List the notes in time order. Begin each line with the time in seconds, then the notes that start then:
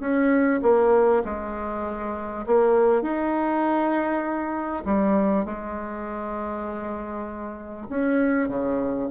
0.00 C#4
0.63 A#3
1.25 G#3
2.47 A#3
3.02 D#4
4.85 G3
5.45 G#3
7.89 C#4
8.49 C#3